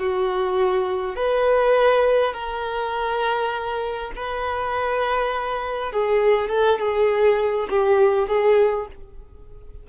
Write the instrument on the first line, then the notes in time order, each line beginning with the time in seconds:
violin
0.00 F#4
1.16 B4
2.34 A#4
4.16 B4
5.93 G#4
6.50 A4
6.80 G#4
7.70 G4
8.28 G#4